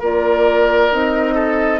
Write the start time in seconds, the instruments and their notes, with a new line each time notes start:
0.00 bassoon A#3, clarinet F4, oboe A#4, flute D5
0.91 bassoon C4, clarinet D#4, flute D#5
1.35 oboe A4